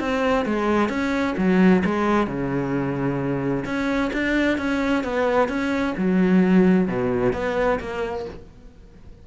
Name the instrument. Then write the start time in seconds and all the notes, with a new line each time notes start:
cello
0.00 C4
0.45 G#3
0.89 C#4
1.37 F#3
1.85 G#3
2.27 C#3
3.65 C#4
4.13 D4
4.58 C#4
5.04 B3
5.49 C#4
5.97 F#3
6.88 B2
7.33 B3
7.80 A#3